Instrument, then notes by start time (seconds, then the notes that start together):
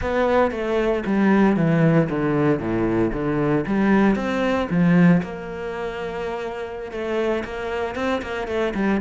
cello
0.01 B3
0.51 A3
1.06 G3
1.56 E3
2.09 D3
2.59 A2
3.13 D3
3.66 G3
4.15 C4
4.70 F3
5.22 A#3
6.91 A3
7.44 A#3
7.95 C4
8.22 A#3
8.47 A3
8.74 G3